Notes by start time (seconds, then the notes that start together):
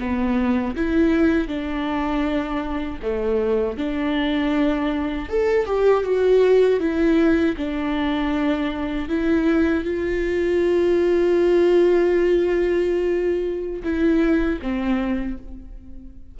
0.00 B3
0.76 E4
1.48 D4
3.03 A3
3.78 D4
5.30 A4
5.66 G4
6.04 F#4
6.80 E4
7.57 D4
9.09 E4
9.85 F4
13.84 E4
14.62 C4